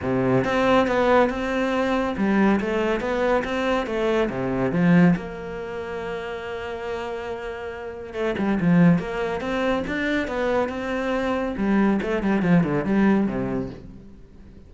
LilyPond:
\new Staff \with { instrumentName = "cello" } { \time 4/4 \tempo 4 = 140 c4 c'4 b4 c'4~ | c'4 g4 a4 b4 | c'4 a4 c4 f4 | ais1~ |
ais2. a8 g8 | f4 ais4 c'4 d'4 | b4 c'2 g4 | a8 g8 f8 d8 g4 c4 | }